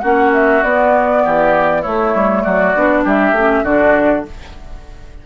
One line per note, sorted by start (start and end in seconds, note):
0.00 0.63 A#3
0.00 0.65 C#4
0.00 1.23 F#4
0.00 0.30 F#5
0.33 0.63 E5
0.63 1.24 B3
0.63 1.84 B3
0.63 1.83 D5
1.25 1.86 E3
1.25 1.82 G4
1.82 2.75 A3
1.82 2.15 A3
1.82 2.42 E4
1.82 2.43 C#5
2.15 2.45 G3
2.43 2.76 F#3
2.43 3.04 F#4
2.43 3.04 D5
2.76 3.06 B3
2.76 3.37 D4
3.04 3.32 G3
3.04 3.64 G4
3.04 3.65 E5
3.32 3.62 A3
3.32 3.66 C#4
3.64 4.24 D3
3.64 4.26 D4
3.64 4.25 F#4
3.64 4.26 D5